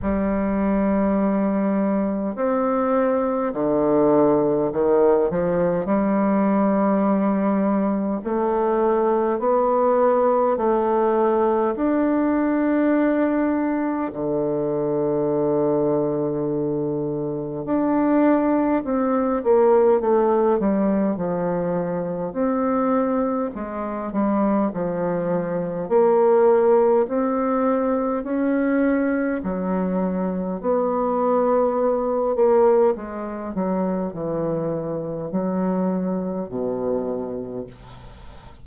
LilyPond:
\new Staff \with { instrumentName = "bassoon" } { \time 4/4 \tempo 4 = 51 g2 c'4 d4 | dis8 f8 g2 a4 | b4 a4 d'2 | d2. d'4 |
c'8 ais8 a8 g8 f4 c'4 | gis8 g8 f4 ais4 c'4 | cis'4 fis4 b4. ais8 | gis8 fis8 e4 fis4 b,4 | }